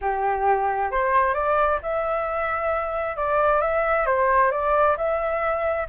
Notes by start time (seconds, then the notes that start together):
0.01 G4
0.91 C5
1.33 D5
1.82 E5
3.16 D5
3.61 E5
4.06 C5
4.51 D5
4.97 E5